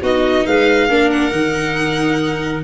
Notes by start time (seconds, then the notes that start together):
0.00 B3 D#4 F#4 D#5
0.45 G#3 B4 F5
0.88 A#3 D4 A#4
1.10 F#5
1.31 D#3 D#4